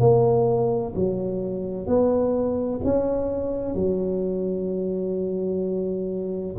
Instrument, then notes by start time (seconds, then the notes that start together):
tuba
0.00 A#3
0.95 F#3
1.87 B3
2.84 C#4
3.75 F#3